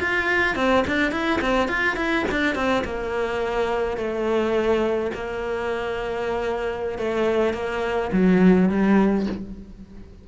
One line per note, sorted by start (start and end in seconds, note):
0.00 0.56 F4
0.56 0.84 C4
0.88 1.12 D4
1.12 1.41 E4
1.42 1.69 C4
1.69 1.97 F4
1.97 2.25 E4
2.31 2.55 D4
2.55 2.84 C4
2.84 3.97 A#3
3.97 5.12 A3
5.15 6.99 A#3
6.99 7.54 A3
7.54 8.11 A#3
8.12 8.70 F#3
8.70 9.27 G3